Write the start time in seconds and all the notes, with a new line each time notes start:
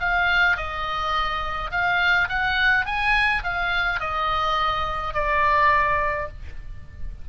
0.00 F5
0.57 D#5
1.71 F5
2.29 F#5
2.86 G#5
3.44 F5
4.00 D#5
5.14 D5